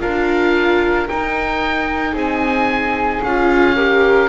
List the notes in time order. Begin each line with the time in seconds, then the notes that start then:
0.00 D4 F4 A#4 F5
1.09 D#4 G5
2.14 C4 G#4 G#5
3.23 C#4 F4 F5
3.76 G4 A#4